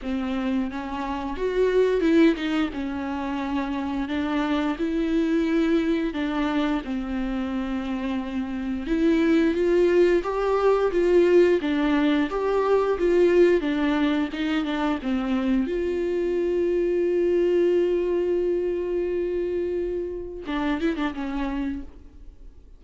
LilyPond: \new Staff \with { instrumentName = "viola" } { \time 4/4 \tempo 4 = 88 c'4 cis'4 fis'4 e'8 dis'8 | cis'2 d'4 e'4~ | e'4 d'4 c'2~ | c'4 e'4 f'4 g'4 |
f'4 d'4 g'4 f'4 | d'4 dis'8 d'8 c'4 f'4~ | f'1~ | f'2 d'8 e'16 d'16 cis'4 | }